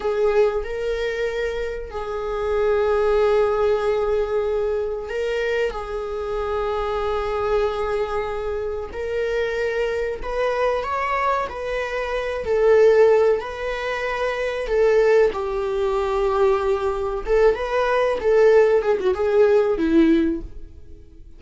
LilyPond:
\new Staff \with { instrumentName = "viola" } { \time 4/4 \tempo 4 = 94 gis'4 ais'2 gis'4~ | gis'1 | ais'4 gis'2.~ | gis'2 ais'2 |
b'4 cis''4 b'4. a'8~ | a'4 b'2 a'4 | g'2. a'8 b'8~ | b'8 a'4 gis'16 fis'16 gis'4 e'4 | }